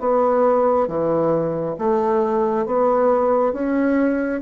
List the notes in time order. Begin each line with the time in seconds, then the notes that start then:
0.00 B3
0.87 E3
1.78 A3
2.66 B3
3.53 C#4